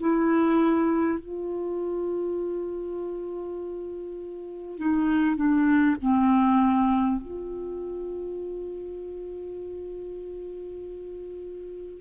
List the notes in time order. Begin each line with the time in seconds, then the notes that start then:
0.00 E4
1.19 F4
4.77 D#4
5.36 D4
6.02 C4
7.22 F4